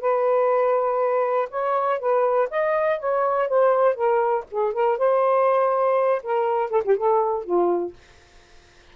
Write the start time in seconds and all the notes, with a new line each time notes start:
0.00 B4
1.50 C#5
1.99 B4
2.50 D#5
2.99 C#5
3.48 C5
3.94 A#4
4.51 G#4
4.73 A#4
4.98 C5
6.23 A#4
6.70 A4
6.84 G4
6.97 A4
7.44 F4